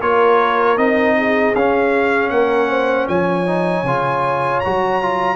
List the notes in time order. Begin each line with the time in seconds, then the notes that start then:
0.00 A#3 F4 A#4 C#5
0.77 C4 D#4 D#5
1.17 G#4
1.55 C#4 F5
2.29 A#3 A#4 F#5
2.69 C5
3.08 F3 C#5 G#5
3.46 D#4
3.82 C#3 F4
4.60 F#3 F#4 A#5
5.02 F4